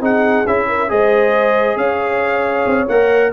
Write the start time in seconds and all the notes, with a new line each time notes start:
0.00 C4 D#4 G#4 F#5
0.47 C#4 E4 E5
0.68 A#4
0.89 G#3 G#4 C5 D#5
1.77 C#4 C#5 F5
2.66 C4
2.88 A#3 A#4 F#5